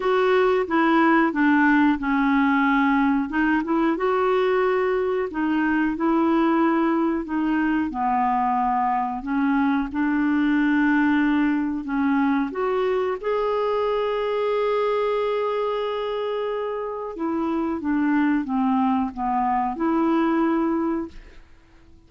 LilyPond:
\new Staff \with { instrumentName = "clarinet" } { \time 4/4 \tempo 4 = 91 fis'4 e'4 d'4 cis'4~ | cis'4 dis'8 e'8 fis'2 | dis'4 e'2 dis'4 | b2 cis'4 d'4~ |
d'2 cis'4 fis'4 | gis'1~ | gis'2 e'4 d'4 | c'4 b4 e'2 | }